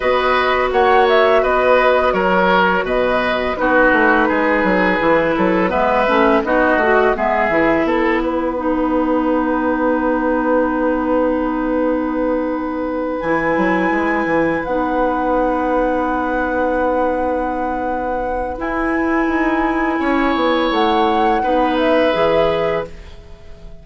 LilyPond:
<<
  \new Staff \with { instrumentName = "flute" } { \time 4/4 \tempo 4 = 84 dis''4 fis''8 e''8 dis''4 cis''4 | dis''4 b'2. | e''4 dis''4 e''4 fis''4~ | fis''1~ |
fis''2~ fis''8 gis''4.~ | gis''8 fis''2.~ fis''8~ | fis''2 gis''2~ | gis''4 fis''4. e''4. | }
  \new Staff \with { instrumentName = "oboe" } { \time 4/4 b'4 cis''4 b'4 ais'4 | b'4 fis'4 gis'4. a'8 | b'4 fis'4 gis'4 a'8 b'8~ | b'1~ |
b'1~ | b'1~ | b'1 | cis''2 b'2 | }
  \new Staff \with { instrumentName = "clarinet" } { \time 4/4 fis'1~ | fis'4 dis'2 e'4 | b8 cis'8 dis'8 fis'8 b8 e'4. | dis'1~ |
dis'2~ dis'8 e'4.~ | e'8 dis'2.~ dis'8~ | dis'2 e'2~ | e'2 dis'4 gis'4 | }
  \new Staff \with { instrumentName = "bassoon" } { \time 4/4 b4 ais4 b4 fis4 | b,4 b8 a8 gis8 fis8 e8 fis8 | gis8 a8 b8 a8 gis8 e8 b4~ | b1~ |
b2~ b8 e8 fis8 gis8 | e8 b2.~ b8~ | b2 e'4 dis'4 | cis'8 b8 a4 b4 e4 | }
>>